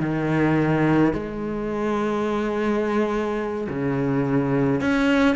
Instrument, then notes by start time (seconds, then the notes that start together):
cello
0.00 D#3
1.13 G#3
3.69 C#3
4.81 C#4